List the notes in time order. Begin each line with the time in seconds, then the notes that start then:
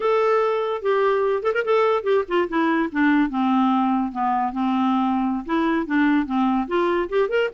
0.00 A4
0.82 G4
1.43 A4
1.54 A#4
1.64 A4
2.03 G4
2.28 F4
2.48 E4
2.92 D4
3.29 C4
4.12 B3
4.52 C4
5.45 E4
5.86 D4
6.26 C4
6.67 F4
7.09 G4
7.28 A#4